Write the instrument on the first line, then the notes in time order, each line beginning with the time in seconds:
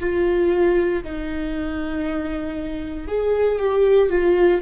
viola
0.00 F4
1.04 D#4
3.08 G#4
3.60 G4
4.10 F4